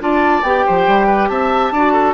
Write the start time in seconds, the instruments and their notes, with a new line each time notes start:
0.00 bassoon D4, clarinet F4, oboe D5, flute A5
0.42 bassoon B3, clarinet G4, flute G5
0.66 bassoon F3, oboe C5
0.87 bassoon G3
1.07 oboe B4
1.28 bassoon C4, oboe E5, flute A5
1.71 bassoon D4, clarinet F#4, oboe D5
1.93 oboe A4